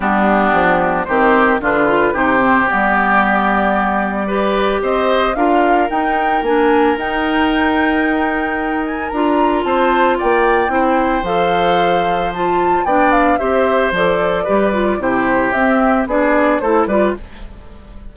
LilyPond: <<
  \new Staff \with { instrumentName = "flute" } { \time 4/4 \tempo 4 = 112 g'2 c''4 b'4 | c''4 d''2.~ | d''4 dis''4 f''4 g''4 | gis''4 g''2.~ |
g''8 gis''8 ais''4 a''4 g''4~ | g''4 f''2 a''4 | g''8 f''8 e''4 d''2 | c''4 e''4 d''4 c''8 d''8 | }
  \new Staff \with { instrumentName = "oboe" } { \time 4/4 d'2 g'4 f'4 | g'1 | b'4 c''4 ais'2~ | ais'1~ |
ais'2 c''4 d''4 | c''1 | d''4 c''2 b'4 | g'2 gis'4 a'8 b'8 | }
  \new Staff \with { instrumentName = "clarinet" } { \time 4/4 b2 c'4 d'8 f'8 | dis'8 c'8 b2. | g'2 f'4 dis'4 | d'4 dis'2.~ |
dis'4 f'2. | e'4 a'2 f'4 | d'4 g'4 a'4 g'8 f'8 | e'4 c'4 d'4 e'8 f'8 | }
  \new Staff \with { instrumentName = "bassoon" } { \time 4/4 g4 f4 dis4 d4 | c4 g2.~ | g4 c'4 d'4 dis'4 | ais4 dis'2.~ |
dis'4 d'4 c'4 ais4 | c'4 f2. | b4 c'4 f4 g4 | c4 c'4 b4 a8 g8 | }
>>